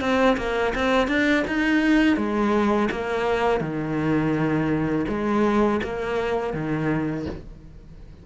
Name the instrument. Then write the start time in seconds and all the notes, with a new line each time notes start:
cello
0.00 C4
0.37 A#3
0.75 C4
1.07 D4
1.47 D#4
2.16 G#3
2.90 A#3
3.60 D#3
5.08 G#3
5.83 A#3
6.53 D#3